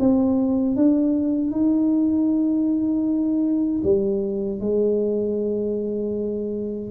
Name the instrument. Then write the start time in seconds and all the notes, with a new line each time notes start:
tuba
0.00 C4
0.76 D4
1.51 D#4
3.84 G3
4.60 G#3